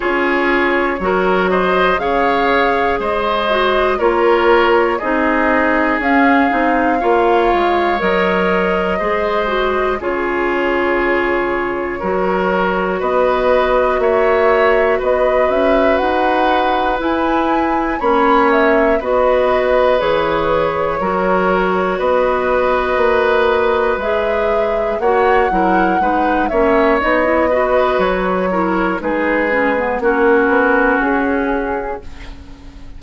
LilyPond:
<<
  \new Staff \with { instrumentName = "flute" } { \time 4/4 \tempo 4 = 60 cis''4. dis''8 f''4 dis''4 | cis''4 dis''4 f''2 | dis''2 cis''2~ | cis''4 dis''4 e''4 dis''8 e''8 |
fis''4 gis''4 b''8 e''8 dis''4 | cis''2 dis''2 | e''4 fis''4. e''8 dis''4 | cis''4 b'4 ais'4 gis'4 | }
  \new Staff \with { instrumentName = "oboe" } { \time 4/4 gis'4 ais'8 c''8 cis''4 c''4 | ais'4 gis'2 cis''4~ | cis''4 c''4 gis'2 | ais'4 b'4 cis''4 b'4~ |
b'2 cis''4 b'4~ | b'4 ais'4 b'2~ | b'4 cis''8 ais'8 b'8 cis''4 b'8~ | b'8 ais'8 gis'4 fis'2 | }
  \new Staff \with { instrumentName = "clarinet" } { \time 4/4 f'4 fis'4 gis'4. fis'8 | f'4 dis'4 cis'8 dis'8 f'4 | ais'4 gis'8 fis'8 f'2 | fis'1~ |
fis'4 e'4 cis'4 fis'4 | gis'4 fis'2. | gis'4 fis'8 e'8 dis'8 cis'8 dis'16 e'16 fis'8~ | fis'8 e'8 dis'8 cis'16 b16 cis'2 | }
  \new Staff \with { instrumentName = "bassoon" } { \time 4/4 cis'4 fis4 cis4 gis4 | ais4 c'4 cis'8 c'8 ais8 gis8 | fis4 gis4 cis2 | fis4 b4 ais4 b8 cis'8 |
dis'4 e'4 ais4 b4 | e4 fis4 b4 ais4 | gis4 ais8 fis8 gis8 ais8 b4 | fis4 gis4 ais8 b8 cis'4 | }
>>